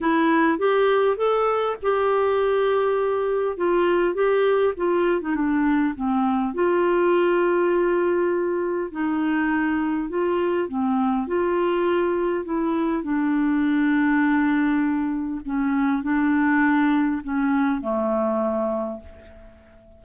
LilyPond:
\new Staff \with { instrumentName = "clarinet" } { \time 4/4 \tempo 4 = 101 e'4 g'4 a'4 g'4~ | g'2 f'4 g'4 | f'8. dis'16 d'4 c'4 f'4~ | f'2. dis'4~ |
dis'4 f'4 c'4 f'4~ | f'4 e'4 d'2~ | d'2 cis'4 d'4~ | d'4 cis'4 a2 | }